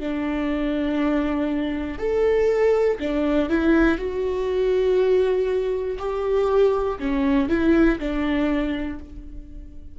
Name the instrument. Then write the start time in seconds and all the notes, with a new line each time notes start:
viola
0.00 D4
1.99 A4
3.00 D4
3.50 E4
3.99 F#4
5.99 G4
6.99 C#4
7.49 E4
7.99 D4